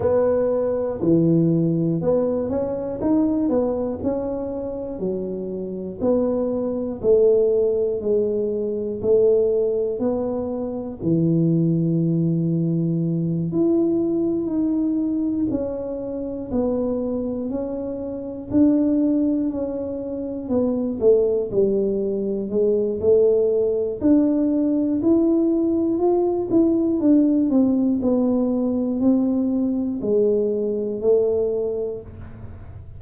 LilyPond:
\new Staff \with { instrumentName = "tuba" } { \time 4/4 \tempo 4 = 60 b4 e4 b8 cis'8 dis'8 b8 | cis'4 fis4 b4 a4 | gis4 a4 b4 e4~ | e4. e'4 dis'4 cis'8~ |
cis'8 b4 cis'4 d'4 cis'8~ | cis'8 b8 a8 g4 gis8 a4 | d'4 e'4 f'8 e'8 d'8 c'8 | b4 c'4 gis4 a4 | }